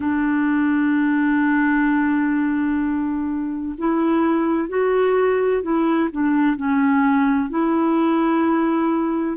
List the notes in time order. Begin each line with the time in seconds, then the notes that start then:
0.00 D4
3.78 E4
4.69 F#4
5.62 E4
6.11 D4
6.56 C#4
7.49 E4